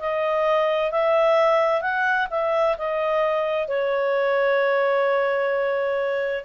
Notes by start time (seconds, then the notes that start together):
0.00 D#5
0.92 E5
1.82 F#5
2.31 E5
2.79 D#5
3.68 C#5